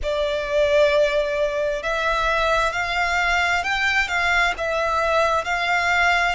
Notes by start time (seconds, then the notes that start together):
0.02 D5
1.82 E5
2.72 F5
3.63 G5
4.08 F5
4.57 E5
5.44 F5